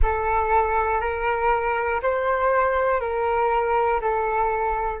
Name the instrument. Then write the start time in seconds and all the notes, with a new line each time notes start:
flute
0.02 A4
1.00 A#4
2.02 C5
3.00 A#4
4.00 A4